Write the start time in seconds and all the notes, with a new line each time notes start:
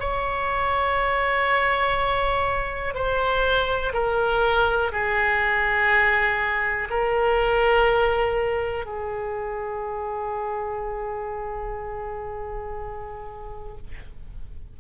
0.00 C#5
2.95 C5
3.94 A#4
4.92 G#4
6.90 A#4
8.86 G#4